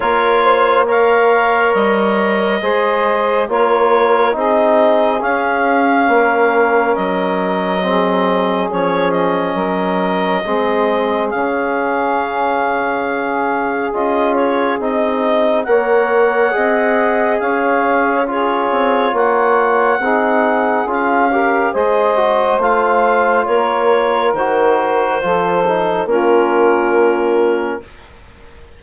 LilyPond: <<
  \new Staff \with { instrumentName = "clarinet" } { \time 4/4 \tempo 4 = 69 cis''4 f''4 dis''2 | cis''4 dis''4 f''2 | dis''2 cis''8 dis''4.~ | dis''4 f''2. |
dis''8 cis''8 dis''4 fis''2 | f''4 cis''4 fis''2 | f''4 dis''4 f''4 cis''4 | c''2 ais'2 | }
  \new Staff \with { instrumentName = "saxophone" } { \time 4/4 ais'8 c''8 cis''2 c''4 | ais'4 gis'2 ais'4~ | ais'4 gis'2 ais'4 | gis'1~ |
gis'2 cis''4 dis''4 | cis''4 gis'4 cis''4 gis'4~ | gis'8 ais'8 c''2 ais'4~ | ais'4 a'4 f'2 | }
  \new Staff \with { instrumentName = "trombone" } { \time 4/4 f'4 ais'2 gis'4 | f'4 dis'4 cis'2~ | cis'4 c'4 cis'2 | c'4 cis'2. |
f'4 dis'4 ais'4 gis'4~ | gis'4 f'2 dis'4 | f'8 g'8 gis'8 fis'8 f'2 | fis'4 f'8 dis'8 cis'2 | }
  \new Staff \with { instrumentName = "bassoon" } { \time 4/4 ais2 g4 gis4 | ais4 c'4 cis'4 ais4 | fis2 f4 fis4 | gis4 cis2. |
cis'4 c'4 ais4 c'4 | cis'4. c'8 ais4 c'4 | cis'4 gis4 a4 ais4 | dis4 f4 ais2 | }
>>